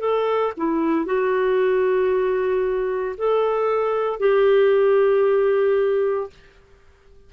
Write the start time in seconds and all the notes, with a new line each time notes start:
0.00 A4
0.57 E4
1.06 F#4
3.18 A4
4.20 G4